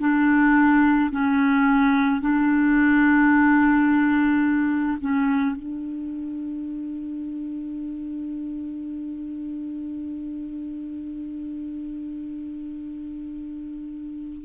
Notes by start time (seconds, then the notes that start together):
0.00 D4
1.12 C#4
2.21 D4
5.01 C#4
5.57 D4